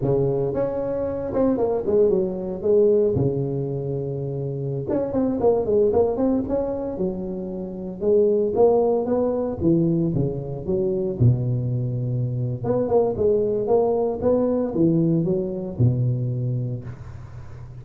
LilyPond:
\new Staff \with { instrumentName = "tuba" } { \time 4/4 \tempo 4 = 114 cis4 cis'4. c'8 ais8 gis8 | fis4 gis4 cis2~ | cis4~ cis16 cis'8 c'8 ais8 gis8 ais8 c'16~ | c'16 cis'4 fis2 gis8.~ |
gis16 ais4 b4 e4 cis8.~ | cis16 fis4 b,2~ b,8. | b8 ais8 gis4 ais4 b4 | e4 fis4 b,2 | }